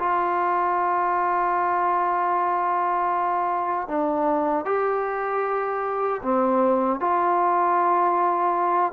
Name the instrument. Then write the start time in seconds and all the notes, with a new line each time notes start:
trombone
0.00 F4
3.89 D4
4.66 G4
6.23 C4
7.01 F4